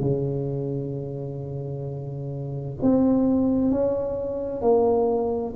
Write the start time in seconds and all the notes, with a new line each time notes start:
0.00 C#3
2.82 C4
3.71 C#4
4.61 A#3